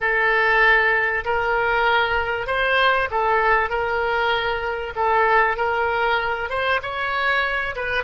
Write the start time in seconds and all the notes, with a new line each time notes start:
0.00 A4
1.24 A#4
2.47 C5
3.10 A4
3.69 A#4
4.95 A4
5.57 A#4
6.49 C5
6.82 C#5
7.75 B4